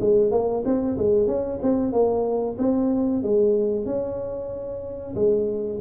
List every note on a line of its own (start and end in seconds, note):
0.00 0.31 G#3
0.31 0.63 A#3
0.65 0.97 C4
0.97 1.27 G#3
1.27 1.59 C#4
1.62 1.92 C4
1.92 2.57 A#3
2.58 3.23 C4
3.23 3.86 G#3
3.86 5.15 C#4
5.15 5.79 G#3